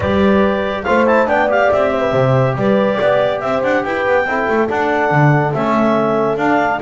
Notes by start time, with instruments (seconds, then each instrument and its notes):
0.00 double bass G3, trombone G4, horn B4, clarinet D5
0.83 double bass A3, trombone F4, horn C5, clarinet F5
1.06 trombone E4, clarinet A5
1.26 double bass B3, trombone D4, horn D5, clarinet G5
1.48 trombone G4, clarinet F5
1.71 double bass C4, clarinet E5
1.91 horn C5
2.00 horn B4
2.11 double bass C3, horn C5
2.55 double bass G3, horn B4, clarinet D5
2.98 double bass B3, horn D5
3.40 double bass C4, horn C5, clarinet E5
3.62 double bass D4, clarinet F#5
3.83 double bass E4, horn B4, clarinet G5
4.06 double bass B3
4.25 double bass C4, trombone E4, horn A4
4.48 double bass A3
4.68 trombone D4, double bass D4, clarinet F#5
5.11 double bass D3
5.53 double bass A3, trombone C#4, clarinet E5
6.36 double bass D4, trombone D4, clarinet F5